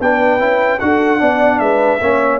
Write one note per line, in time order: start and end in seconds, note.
0.00 0.39 B3
0.00 0.39 D4
0.00 0.81 B4
0.00 0.79 G5
0.39 0.79 C#4
0.39 0.79 E4
0.79 1.21 D4
0.79 1.19 F#4
0.79 1.20 A4
0.79 1.59 F#5
1.19 1.59 B3
1.19 1.99 D4
1.19 1.60 D5
1.59 1.99 G#3
1.59 2.00 B4
1.59 2.39 E5
2.00 2.39 A#3
2.00 2.39 C#4
2.00 2.39 C#5